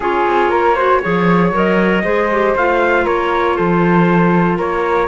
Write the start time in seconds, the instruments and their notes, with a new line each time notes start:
0.00 cello C#4, clarinet F4, flute G#4, trumpet C#5
0.26 cello C4
0.49 cello A#3, flute A#4
0.75 clarinet F#4, flute C5
1.02 cello F3, clarinet G#4, flute C#5
1.51 cello F#3, clarinet A#4, trumpet D#5
2.04 cello G#3, clarinet G#4, flute C5
2.31 clarinet G4
2.55 cello A3, clarinet F4, trumpet F5
3.04 cello A#3, flute A#4, trumpet C#5
3.56 cello F3, flute A4, trumpet C5
4.57 cello A#3, flute A#4, trumpet C#5